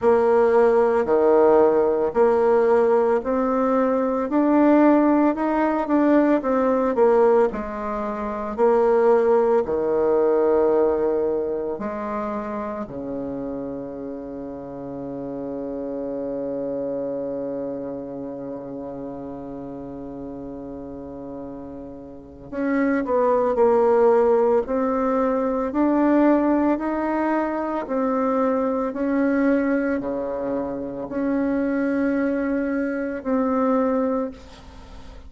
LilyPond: \new Staff \with { instrumentName = "bassoon" } { \time 4/4 \tempo 4 = 56 ais4 dis4 ais4 c'4 | d'4 dis'8 d'8 c'8 ais8 gis4 | ais4 dis2 gis4 | cis1~ |
cis1~ | cis4 cis'8 b8 ais4 c'4 | d'4 dis'4 c'4 cis'4 | cis4 cis'2 c'4 | }